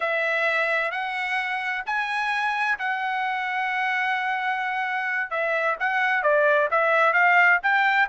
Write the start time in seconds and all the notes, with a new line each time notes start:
0.00 E5
0.91 F#5
1.86 G#5
2.79 F#5
5.30 E5
5.79 F#5
6.22 D5
6.70 E5
7.13 F5
7.62 G5